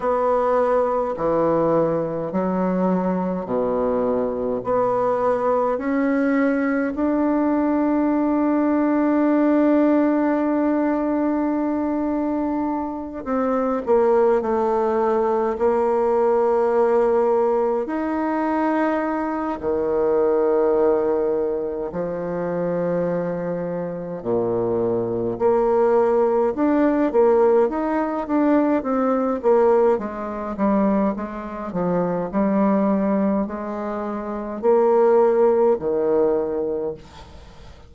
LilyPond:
\new Staff \with { instrumentName = "bassoon" } { \time 4/4 \tempo 4 = 52 b4 e4 fis4 b,4 | b4 cis'4 d'2~ | d'2.~ d'8 c'8 | ais8 a4 ais2 dis'8~ |
dis'4 dis2 f4~ | f4 ais,4 ais4 d'8 ais8 | dis'8 d'8 c'8 ais8 gis8 g8 gis8 f8 | g4 gis4 ais4 dis4 | }